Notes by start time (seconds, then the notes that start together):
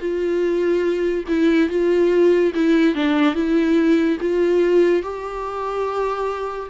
0.00 F4
1.28 E4
1.69 F4
2.55 E4
2.95 D4
3.35 E4
4.21 F4
5.03 G4